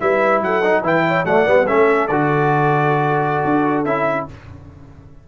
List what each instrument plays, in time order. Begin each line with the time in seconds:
0.00 tuba G3, trombone E4, horn B4, trumpet E5
0.41 tuba F#3, horn A4, trumpet F#5
0.62 trombone D#4
0.82 tuba E3, trombone E4, horn B4, trumpet G5
1.07 horn C#5
1.25 tuba F#3, trombone A3, horn D5, trumpet F#5
1.45 tuba G3, trombone B3
1.66 tuba A3, trombone C#4, horn A4, trumpet E5
2.07 tuba D3, trombone F#4, trumpet D5
3.44 tuba D4
3.85 tuba C#4, trombone E4, trumpet E5